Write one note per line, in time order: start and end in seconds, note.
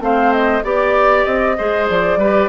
0.00 0.62 A3
0.00 0.62 C4
0.00 0.64 C5
0.00 0.32 F5
0.32 0.63 D#5
0.63 1.25 B3
0.63 1.56 G4
0.63 1.56 D5
0.63 1.24 D5
1.24 1.57 C4
1.24 1.86 D#5
1.57 1.89 G#3
1.57 2.20 G#4
1.57 2.18 C5
1.89 2.16 F3
1.89 2.48 D5
2.16 2.47 G3
2.16 2.48 G4
2.16 2.48 B4